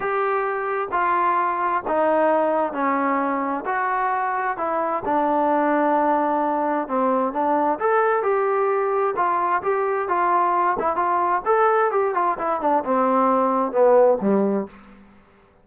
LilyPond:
\new Staff \with { instrumentName = "trombone" } { \time 4/4 \tempo 4 = 131 g'2 f'2 | dis'2 cis'2 | fis'2 e'4 d'4~ | d'2. c'4 |
d'4 a'4 g'2 | f'4 g'4 f'4. e'8 | f'4 a'4 g'8 f'8 e'8 d'8 | c'2 b4 g4 | }